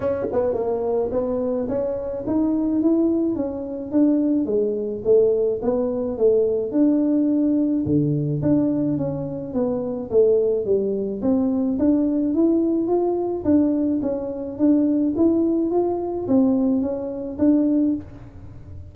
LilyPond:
\new Staff \with { instrumentName = "tuba" } { \time 4/4 \tempo 4 = 107 cis'8 b8 ais4 b4 cis'4 | dis'4 e'4 cis'4 d'4 | gis4 a4 b4 a4 | d'2 d4 d'4 |
cis'4 b4 a4 g4 | c'4 d'4 e'4 f'4 | d'4 cis'4 d'4 e'4 | f'4 c'4 cis'4 d'4 | }